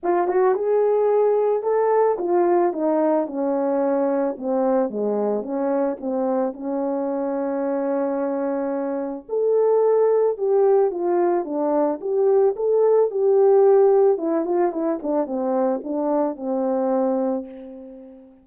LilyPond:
\new Staff \with { instrumentName = "horn" } { \time 4/4 \tempo 4 = 110 f'8 fis'8 gis'2 a'4 | f'4 dis'4 cis'2 | c'4 gis4 cis'4 c'4 | cis'1~ |
cis'4 a'2 g'4 | f'4 d'4 g'4 a'4 | g'2 e'8 f'8 e'8 d'8 | c'4 d'4 c'2 | }